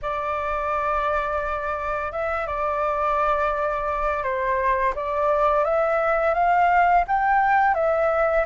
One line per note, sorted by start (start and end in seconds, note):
0.02 2.12 D5
2.12 2.46 E5
2.46 4.23 D5
4.23 4.93 C5
4.95 5.64 D5
5.64 6.33 E5
6.33 7.04 F5
7.07 7.74 G5
7.74 8.45 E5